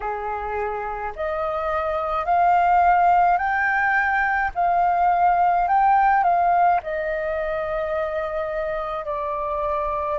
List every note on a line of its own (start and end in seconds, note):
0.00 1.12 G#4
1.15 2.25 D#5
2.25 3.37 F5
3.37 4.50 G5
4.54 5.68 F5
5.68 6.23 G5
6.23 6.80 F5
6.82 9.05 D#5
9.05 10.18 D5